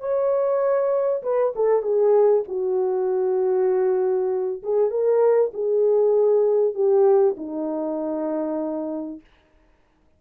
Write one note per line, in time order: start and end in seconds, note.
0.00 1.22 C#5
1.23 1.54 B4
1.56 1.83 A4
1.83 2.44 G#4
2.48 4.63 F#4
4.63 4.91 G#4
4.91 5.52 A#4
5.54 6.75 G#4
6.75 7.36 G4
7.37 9.21 D#4